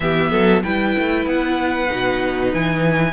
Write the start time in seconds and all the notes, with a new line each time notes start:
0.00 E3 B3 G4 E5
0.30 F#3 A4
0.62 G3 E4 B4 G5
0.98 A3
1.26 B3 F#5
1.87 B2 D#4
2.53 E3 G#5